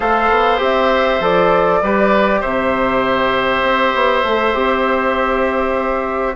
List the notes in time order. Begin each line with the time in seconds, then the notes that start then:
0.00 A3 A4 C5 F5
0.30 B3
0.57 C4 G4 E5
1.20 F3 A4 D5
1.81 G3 G4 B4
2.40 C3 C5 E5
3.62 C4
3.94 B3
4.23 A3 A4
4.54 C4 G4